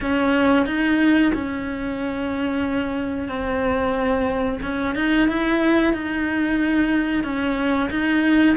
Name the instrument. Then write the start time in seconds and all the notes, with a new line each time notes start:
cello
0.01 C#4
0.66 D#4
1.34 C#4
3.28 C4
4.62 C#4
4.95 D#4
5.28 E4
5.93 D#4
7.23 C#4
7.90 D#4